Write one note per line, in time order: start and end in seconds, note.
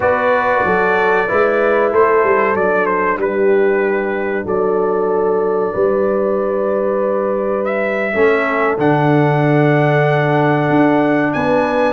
0.00 0.63 B3
0.00 1.27 F#4
0.00 0.65 B4
0.00 1.92 D5
0.64 1.28 F#3
0.64 1.28 A4
1.27 1.93 G#3
1.27 2.55 E4
1.27 1.92 B4
1.92 2.23 A3
1.92 3.19 A4
1.92 2.55 C5
2.23 2.54 G3
2.54 3.17 F#3
2.54 8.14 D4
2.54 2.86 D5
2.86 3.18 C5
3.17 4.44 G3
3.17 4.45 G4
3.17 4.47 B4
4.45 5.72 F#3
4.45 5.73 A4
4.45 7.64 D5
5.73 8.14 G3
5.73 8.12 B4
7.64 8.76 E5
8.13 8.78 A3
8.13 8.77 C#4
8.13 11.32 A4
8.78 10.69 D3
8.78 11.92 D4
8.78 11.33 F#5
10.69 11.33 D4
11.33 11.92 B3
11.33 11.92 B4
11.33 11.92 G#5